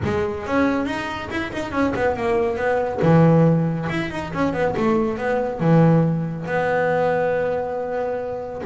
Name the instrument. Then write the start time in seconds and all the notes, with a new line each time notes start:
double bass
0.04 G#3
0.46 C#4
0.85 D#4
1.30 E4
1.52 D#4
1.71 C#4
1.95 B3
2.16 A#3
2.56 B3
3.02 E3
3.89 E4
4.10 D#4
4.33 C#4
4.53 B3
4.76 A3
5.17 B3
5.60 E3
6.46 B3